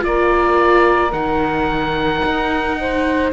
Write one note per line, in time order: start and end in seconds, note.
0.00 1.13 A#3
0.00 1.09 F4
0.00 2.77 A#4
0.00 1.12 D5
1.12 2.22 D#3
1.12 3.31 D#4
1.12 3.30 F#5
2.25 3.33 D#4
2.80 3.33 C5